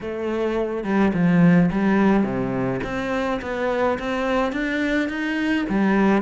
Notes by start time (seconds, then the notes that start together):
0.01 A3
0.84 G3
1.13 F3
1.71 G3
2.23 C3
2.83 C4
3.41 B3
3.99 C4
4.52 D4
5.08 D#4
5.69 G3